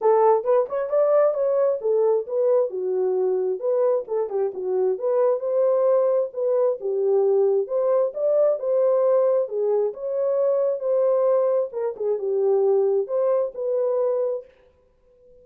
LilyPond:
\new Staff \with { instrumentName = "horn" } { \time 4/4 \tempo 4 = 133 a'4 b'8 cis''8 d''4 cis''4 | a'4 b'4 fis'2 | b'4 a'8 g'8 fis'4 b'4 | c''2 b'4 g'4~ |
g'4 c''4 d''4 c''4~ | c''4 gis'4 cis''2 | c''2 ais'8 gis'8 g'4~ | g'4 c''4 b'2 | }